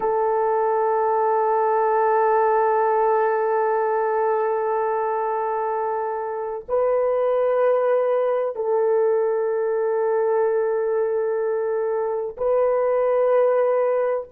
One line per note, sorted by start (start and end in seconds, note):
0.00 6.64 A4
6.68 8.55 B4
8.55 12.36 A4
12.37 14.27 B4